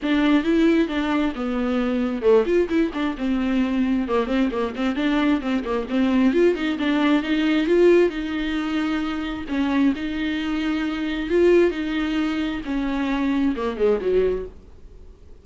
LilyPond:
\new Staff \with { instrumentName = "viola" } { \time 4/4 \tempo 4 = 133 d'4 e'4 d'4 b4~ | b4 a8 f'8 e'8 d'8 c'4~ | c'4 ais8 c'8 ais8 c'8 d'4 | c'8 ais8 c'4 f'8 dis'8 d'4 |
dis'4 f'4 dis'2~ | dis'4 cis'4 dis'2~ | dis'4 f'4 dis'2 | cis'2 ais8 gis8 fis4 | }